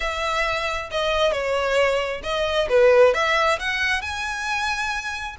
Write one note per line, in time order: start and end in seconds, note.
0.00 0.90 E5
0.91 1.31 D#5
1.31 2.21 C#5
2.23 2.68 D#5
2.69 3.13 B4
3.14 3.58 E5
3.59 4.01 F#5
4.01 5.36 G#5